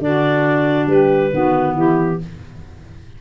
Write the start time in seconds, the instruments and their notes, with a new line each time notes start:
0.00 tuba D3, clarinet D4 D5, saxophone F#4
0.87 tuba G3, saxophone G4, clarinet B4
1.32 tuba D#3, clarinet B3, saxophone F#4
1.75 tuba E3, saxophone E4, clarinet G4